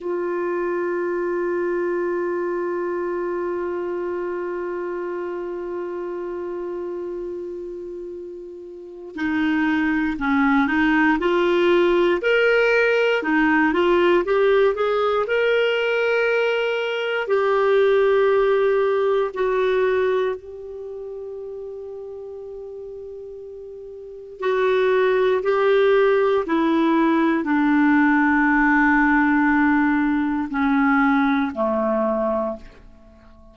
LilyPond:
\new Staff \with { instrumentName = "clarinet" } { \time 4/4 \tempo 4 = 59 f'1~ | f'1~ | f'4 dis'4 cis'8 dis'8 f'4 | ais'4 dis'8 f'8 g'8 gis'8 ais'4~ |
ais'4 g'2 fis'4 | g'1 | fis'4 g'4 e'4 d'4~ | d'2 cis'4 a4 | }